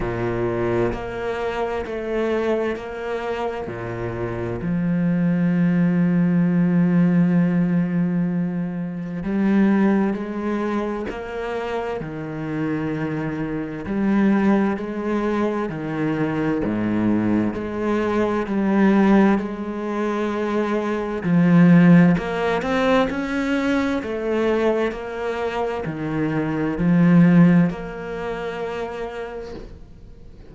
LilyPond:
\new Staff \with { instrumentName = "cello" } { \time 4/4 \tempo 4 = 65 ais,4 ais4 a4 ais4 | ais,4 f2.~ | f2 g4 gis4 | ais4 dis2 g4 |
gis4 dis4 gis,4 gis4 | g4 gis2 f4 | ais8 c'8 cis'4 a4 ais4 | dis4 f4 ais2 | }